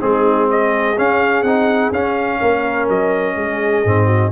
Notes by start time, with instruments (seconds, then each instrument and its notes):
0.00 tuba G#3, trombone C4, horn D#4, trumpet G#4
0.49 horn G#4, trumpet D#5
0.97 trombone C#4, tuba C#4, trumpet F5
1.43 tuba C4, trombone D#4, trumpet F#5
1.92 tuba C#4, trombone C#4, trumpet F5
2.40 tuba A#3, horn A#4
2.89 tuba F#3, trumpet D#5
3.35 tuba G#3, horn G#4
3.85 tuba G#2, trombone C4
4.06 horn F#4